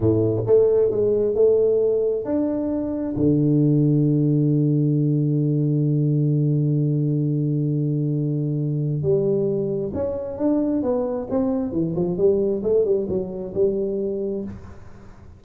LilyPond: \new Staff \with { instrumentName = "tuba" } { \time 4/4 \tempo 4 = 133 a,4 a4 gis4 a4~ | a4 d'2 d4~ | d1~ | d1~ |
d1 | g2 cis'4 d'4 | b4 c'4 e8 f8 g4 | a8 g8 fis4 g2 | }